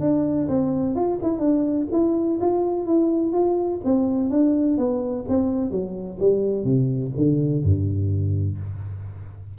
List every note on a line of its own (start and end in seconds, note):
0.00 0.48 D4
0.48 0.95 C4
0.95 1.19 F4
1.23 1.39 E4
1.39 1.87 D4
1.92 2.40 E4
2.40 2.86 F4
2.86 3.32 E4
3.32 3.80 F4
3.84 4.30 C4
4.30 4.78 D4
4.78 5.25 B3
5.28 5.71 C4
5.71 6.19 F#3
6.19 6.64 G3
6.64 7.12 C3
7.16 7.63 D3
7.63 8.58 G2